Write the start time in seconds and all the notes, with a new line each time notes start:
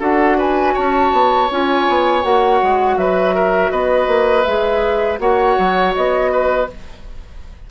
0.00 D4 F#4 A4 F#5
0.38 B4 G#5
0.74 C#4 C#5 A5
1.13 B3
1.51 C#4 F4 G#5
1.89 B3
2.22 A#3 F#4 F#5
2.63 G#3
2.97 F#3 B4 E5
3.35 A#4
3.72 B3 B4 D#5
4.08 A#3
4.44 G#3 G#4 E5
5.19 A#3 F#4 C#5 F#5
5.59 F#3
5.96 B3 D#5
6.32 B4